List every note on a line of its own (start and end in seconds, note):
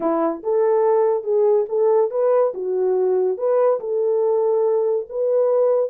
0.00 0.42 E4
0.43 1.23 A4
1.23 1.65 G#4
1.68 2.10 A4
2.10 2.53 B4
2.54 3.37 F#4
3.37 3.79 B4
3.80 5.06 A4
5.09 5.89 B4